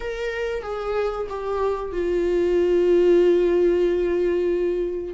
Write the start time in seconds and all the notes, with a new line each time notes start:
0.00 A#4
0.62 G#4
1.29 G4
1.92 F4